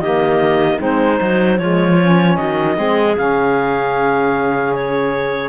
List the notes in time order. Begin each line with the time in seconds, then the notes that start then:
0.00 D#3 A#3 G4 D#5
0.79 G#3 C4 D#4 C5
1.16 F#3 D#4
1.59 F3 G#3 F4 C#5
2.02 C#4
2.37 D#3 F#4 D#5
2.75 G#3 C4 G#4
3.16 C#3 C#4 F5
4.75 C#5